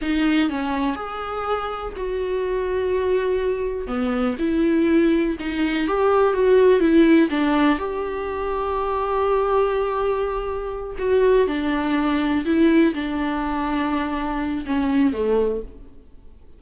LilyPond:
\new Staff \with { instrumentName = "viola" } { \time 4/4 \tempo 4 = 123 dis'4 cis'4 gis'2 | fis'1 | b4 e'2 dis'4 | g'4 fis'4 e'4 d'4 |
g'1~ | g'2~ g'8 fis'4 d'8~ | d'4. e'4 d'4.~ | d'2 cis'4 a4 | }